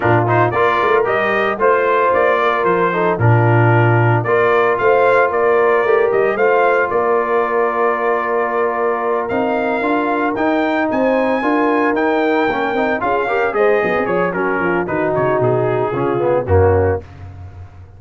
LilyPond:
<<
  \new Staff \with { instrumentName = "trumpet" } { \time 4/4 \tempo 4 = 113 ais'8 c''8 d''4 dis''4 c''4 | d''4 c''4 ais'2 | d''4 f''4 d''4. dis''8 | f''4 d''2.~ |
d''4. f''2 g''8~ | g''8 gis''2 g''4.~ | g''8 f''4 dis''4 cis''8 ais'4 | b'8 cis''8 gis'2 fis'4 | }
  \new Staff \with { instrumentName = "horn" } { \time 4/4 f'4 ais'2 c''4~ | c''8 ais'4 a'8 f'2 | ais'4 c''4 ais'2 | c''4 ais'2.~ |
ais'1~ | ais'8 c''4 ais'2~ ais'8~ | ais'8 gis'8 ais'8 c''8 b8 cis''8 fis'8 f'8 | fis'2 f'4 cis'4 | }
  \new Staff \with { instrumentName = "trombone" } { \time 4/4 d'8 dis'8 f'4 g'4 f'4~ | f'4. dis'8 d'2 | f'2. g'4 | f'1~ |
f'4. dis'4 f'4 dis'8~ | dis'4. f'4 dis'4 cis'8 | dis'8 f'8 g'8 gis'4. cis'4 | dis'2 cis'8 b8 ais4 | }
  \new Staff \with { instrumentName = "tuba" } { \time 4/4 ais,4 ais8 a8 g4 a4 | ais4 f4 ais,2 | ais4 a4 ais4 a8 g8 | a4 ais2.~ |
ais4. c'4 d'4 dis'8~ | dis'8 c'4 d'4 dis'4 ais8 | c'8 cis'4 gis8 fis16 c'16 f8 fis8 f8 | dis8 cis8 b,4 cis4 fis,4 | }
>>